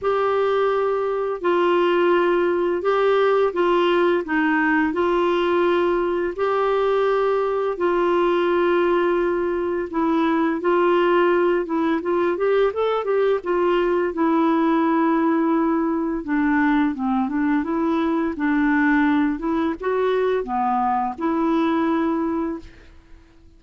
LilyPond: \new Staff \with { instrumentName = "clarinet" } { \time 4/4 \tempo 4 = 85 g'2 f'2 | g'4 f'4 dis'4 f'4~ | f'4 g'2 f'4~ | f'2 e'4 f'4~ |
f'8 e'8 f'8 g'8 a'8 g'8 f'4 | e'2. d'4 | c'8 d'8 e'4 d'4. e'8 | fis'4 b4 e'2 | }